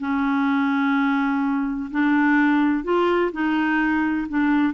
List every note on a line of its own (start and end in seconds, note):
0.00 1.90 C#4
1.91 2.84 D4
2.84 3.32 F4
3.32 4.28 D#4
4.29 4.74 D4